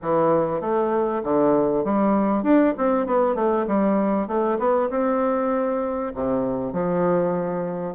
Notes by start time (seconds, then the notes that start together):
0.01 E3
0.61 A3
1.23 D3
1.84 G3
2.43 D4
2.77 C4
3.06 B3
3.35 A3
3.67 G3
4.27 A3
4.58 B3
4.90 C4
6.14 C3
6.72 F3